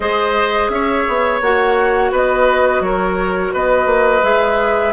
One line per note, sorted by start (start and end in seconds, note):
0.00 0.69 G#3
0.00 1.41 G#4
0.00 0.71 C5
0.00 0.69 D#5
0.69 1.04 C#4
0.69 2.11 C#5
0.69 1.40 E5
1.08 1.41 B3
1.41 2.11 A#3
1.41 4.22 F#4
1.41 2.12 F#5
2.11 2.80 B3
2.11 2.82 B4
2.11 2.82 D#5
2.80 3.50 F#3
2.80 3.53 A#4
2.80 3.53 C#5
3.53 3.86 B3
3.53 4.93 B4
3.53 4.24 D#5
3.86 4.21 A#3
4.22 4.93 G#3
4.22 4.93 G#4
4.22 4.93 E5